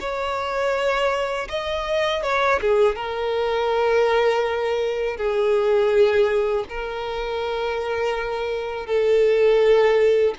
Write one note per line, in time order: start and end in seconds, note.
0.00 1.48 C#5
1.49 2.23 D#5
2.23 2.60 C#5
2.61 2.96 G#4
2.96 5.17 A#4
5.17 6.65 G#4
6.69 8.86 A#4
8.86 10.34 A4